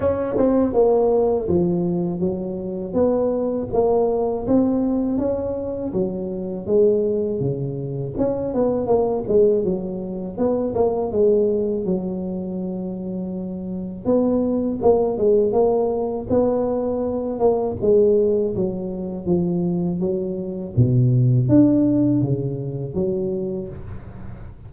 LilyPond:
\new Staff \with { instrumentName = "tuba" } { \time 4/4 \tempo 4 = 81 cis'8 c'8 ais4 f4 fis4 | b4 ais4 c'4 cis'4 | fis4 gis4 cis4 cis'8 b8 | ais8 gis8 fis4 b8 ais8 gis4 |
fis2. b4 | ais8 gis8 ais4 b4. ais8 | gis4 fis4 f4 fis4 | b,4 d'4 cis4 fis4 | }